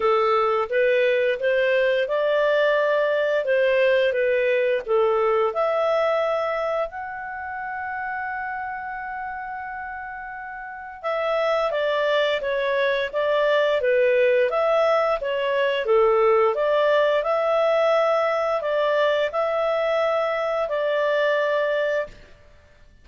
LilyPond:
\new Staff \with { instrumentName = "clarinet" } { \time 4/4 \tempo 4 = 87 a'4 b'4 c''4 d''4~ | d''4 c''4 b'4 a'4 | e''2 fis''2~ | fis''1 |
e''4 d''4 cis''4 d''4 | b'4 e''4 cis''4 a'4 | d''4 e''2 d''4 | e''2 d''2 | }